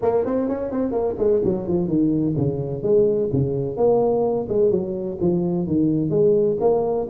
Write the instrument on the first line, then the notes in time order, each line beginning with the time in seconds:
tuba
0.02 A#3
0.25 C4
0.48 C#4
0.71 C4
0.91 A#3
1.18 G#3
1.44 F#3
1.67 F3
1.87 D#3
2.37 C#3
2.82 G#3
3.32 C#3
3.76 A#3
4.48 G#3
4.70 F#3
5.21 F3
5.66 D#3
6.10 G#3
6.60 A#3